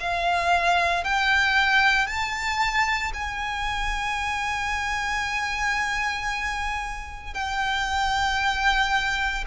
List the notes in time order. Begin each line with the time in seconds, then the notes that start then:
0.00 F5
1.04 G5
2.07 A5
3.14 G#5
7.34 G5